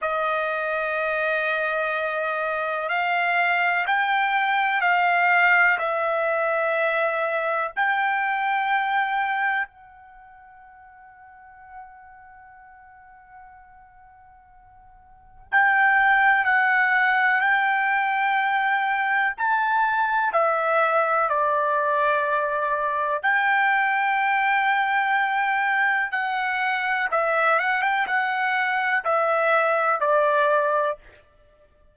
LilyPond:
\new Staff \with { instrumentName = "trumpet" } { \time 4/4 \tempo 4 = 62 dis''2. f''4 | g''4 f''4 e''2 | g''2 fis''2~ | fis''1 |
g''4 fis''4 g''2 | a''4 e''4 d''2 | g''2. fis''4 | e''8 fis''16 g''16 fis''4 e''4 d''4 | }